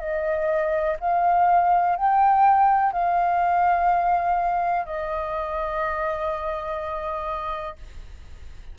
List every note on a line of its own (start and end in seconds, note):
0.00 0.97 D#5
1.00 1.96 F5
1.96 2.93 G5
2.93 4.86 F5
4.86 7.76 D#5